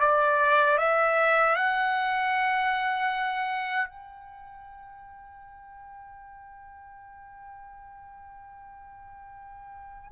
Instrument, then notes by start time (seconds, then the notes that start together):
trumpet
0.00 D5
0.78 E5
1.55 F#5
3.89 G5